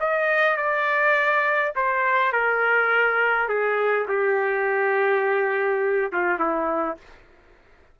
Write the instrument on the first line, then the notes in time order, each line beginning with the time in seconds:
trumpet
0.00 D#5
0.57 D5
1.76 C5
2.32 A#4
3.48 G#4
4.08 G4
6.12 F4
6.39 E4